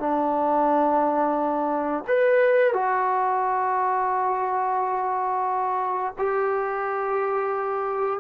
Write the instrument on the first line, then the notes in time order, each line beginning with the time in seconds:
trombone
0.00 D4
2.08 B4
2.74 F#4
6.19 G4